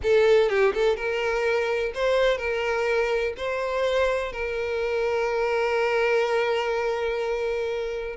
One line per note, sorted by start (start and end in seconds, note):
0.02 0.49 A4
0.49 0.73 G4
0.74 0.96 A4
0.96 1.92 A#4
1.94 2.37 C5
2.37 3.33 A#4
3.37 4.32 C5
4.32 8.16 A#4